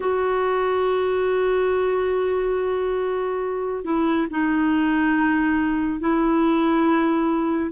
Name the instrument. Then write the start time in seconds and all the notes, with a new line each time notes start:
clarinet
0.00 F#4
3.84 E4
4.30 D#4
6.00 E4